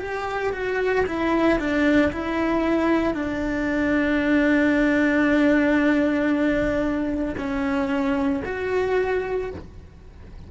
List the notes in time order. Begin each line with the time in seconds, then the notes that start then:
0.00 G4
0.53 F#4
1.06 E4
1.59 D4
2.12 E4
3.14 D4
7.37 C#4
8.45 F#4